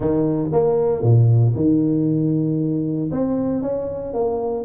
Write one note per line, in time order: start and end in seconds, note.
0.00 0.50 D#3
0.51 1.02 A#3
1.02 1.54 A#2
1.55 3.10 D#3
3.11 3.62 C4
3.62 4.13 C#4
4.13 4.64 A#3